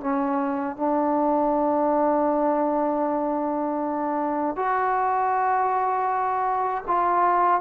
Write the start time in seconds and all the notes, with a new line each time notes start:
0.00 C#4
0.76 D4
4.56 F#4
6.87 F4